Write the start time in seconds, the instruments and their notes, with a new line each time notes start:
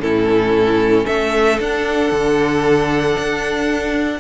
0.00 cello A2, viola C#4, violin E4 A4
1.04 cello A3, violin A4 E5
1.60 cello D4, viola D4, violin F#5
2.12 cello D3
3.19 cello D4